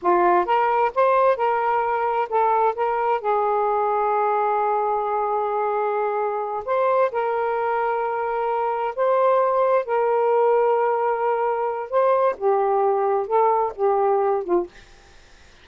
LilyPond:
\new Staff \with { instrumentName = "saxophone" } { \time 4/4 \tempo 4 = 131 f'4 ais'4 c''4 ais'4~ | ais'4 a'4 ais'4 gis'4~ | gis'1~ | gis'2~ gis'8 c''4 ais'8~ |
ais'2.~ ais'8 c''8~ | c''4. ais'2~ ais'8~ | ais'2 c''4 g'4~ | g'4 a'4 g'4. f'8 | }